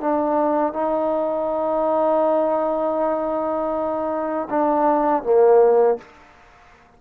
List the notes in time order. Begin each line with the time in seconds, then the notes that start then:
0.00 D4
0.73 D#4
4.50 D4
5.23 A#3